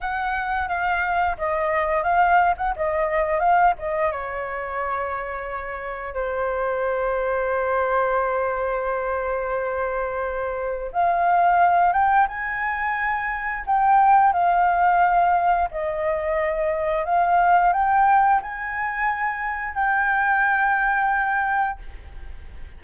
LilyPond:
\new Staff \with { instrumentName = "flute" } { \time 4/4 \tempo 4 = 88 fis''4 f''4 dis''4 f''8. fis''16 | dis''4 f''8 dis''8 cis''2~ | cis''4 c''2.~ | c''1 |
f''4. g''8 gis''2 | g''4 f''2 dis''4~ | dis''4 f''4 g''4 gis''4~ | gis''4 g''2. | }